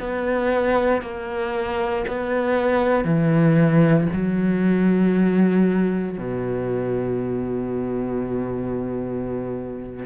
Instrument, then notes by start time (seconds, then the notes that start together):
cello
0.00 B3
1.02 A#3
2.08 B3
3.04 E3
4.13 F#3
6.18 B2